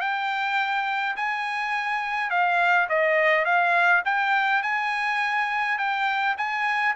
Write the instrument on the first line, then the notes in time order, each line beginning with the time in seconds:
trumpet
0.00 G5
1.16 G#5
2.30 F5
2.88 D#5
3.45 F5
4.05 G5
4.62 G#5
5.78 G5
6.37 G#5